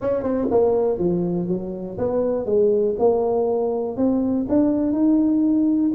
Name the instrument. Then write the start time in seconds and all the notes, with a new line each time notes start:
tuba
0.01 C#4
0.23 C4
0.50 A#3
0.98 F3
1.48 F#3
1.98 B3
2.45 G#3
2.98 A#3
3.96 C4
4.48 D4
4.92 D#4